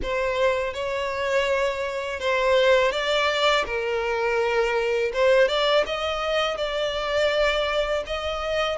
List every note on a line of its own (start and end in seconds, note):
0.02 0.73 C5
0.73 2.20 C#5
2.20 2.91 C5
2.91 3.65 D5
3.65 5.12 A#4
5.13 5.47 C5
5.47 5.84 D5
5.86 6.57 D#5
6.57 8.03 D5
8.06 8.77 D#5